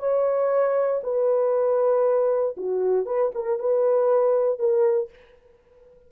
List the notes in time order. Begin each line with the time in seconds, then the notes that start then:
0.00 C#5
1.04 B4
2.57 F#4
3.06 B4
3.35 A#4
3.59 B4
4.60 A#4